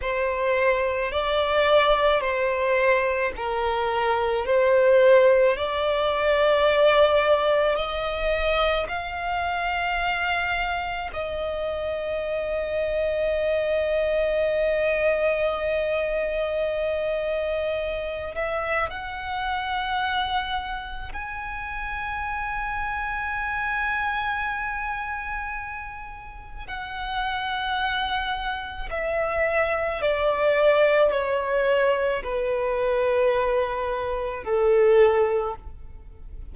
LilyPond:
\new Staff \with { instrumentName = "violin" } { \time 4/4 \tempo 4 = 54 c''4 d''4 c''4 ais'4 | c''4 d''2 dis''4 | f''2 dis''2~ | dis''1~ |
dis''8 e''8 fis''2 gis''4~ | gis''1 | fis''2 e''4 d''4 | cis''4 b'2 a'4 | }